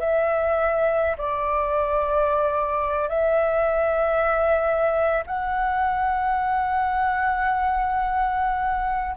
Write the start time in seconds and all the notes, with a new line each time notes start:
0.00 E5
1.18 D5
3.09 E5
5.27 F#5